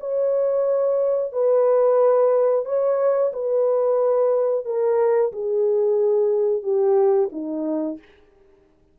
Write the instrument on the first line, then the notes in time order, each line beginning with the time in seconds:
horn
0.00 C#5
1.32 B4
2.65 C#5
3.33 B4
4.65 A#4
5.32 G#4
6.63 G4
7.32 D#4